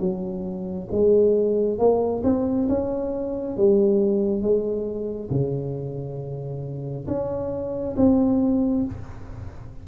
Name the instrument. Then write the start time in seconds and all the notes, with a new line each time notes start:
tuba
0.00 F#3
0.91 G#3
1.79 A#3
2.24 C4
2.69 C#4
3.57 G3
4.42 G#3
5.31 C#3
7.07 C#4
7.97 C4